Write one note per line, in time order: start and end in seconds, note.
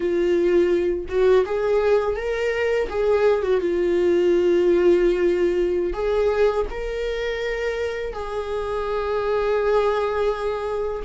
0.00 1.05 F4
1.08 1.45 F#4
1.45 2.16 G#4
2.16 2.88 A#4
2.89 3.42 G#4
3.42 3.60 F#4
3.60 5.93 F4
5.93 6.65 G#4
6.70 8.13 A#4
8.13 11.02 G#4